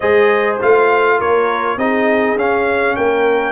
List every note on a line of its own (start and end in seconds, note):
0.00 0.60 G#3
0.00 0.60 G#4
0.00 1.17 C5
0.00 0.56 D#5
0.60 1.20 A3
0.60 1.78 F4
0.60 1.20 F5
1.18 1.77 A#3
1.18 1.78 A#4
1.18 1.78 C#5
1.77 2.35 C4
1.77 2.38 D#4
1.77 2.97 G#4
1.77 2.37 D#5
2.35 2.95 C#4
2.35 3.52 C#4
2.35 2.96 F5
2.96 3.52 A#3
2.96 3.52 A#4
2.96 3.52 G5